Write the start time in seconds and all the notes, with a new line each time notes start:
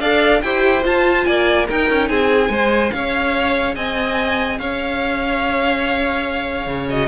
0.00 D4 A4 D5 F5
0.41 E4 G4 C5 G5
0.83 F4 A5
1.24 A#3 D5 G#5
1.66 D#4 A#4 G5
1.89 C#4
2.08 C4 G#4 G#5
2.48 G#3 G#4 C5
2.91 C#4 C#5 F5
3.75 C4 D#5 G#5
4.58 C#4 C#5 F5
6.66 C#3
6.88 F#4 D#5